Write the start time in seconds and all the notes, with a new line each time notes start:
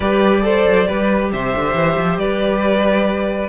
0.00 G3 G4 B4 D5
0.42 A4 C5
0.66 F#3
0.85 G3 G4 B4
1.32 C3 C5 E5
1.55 D3
1.74 E3
1.97 F3
2.17 G3 B4 D5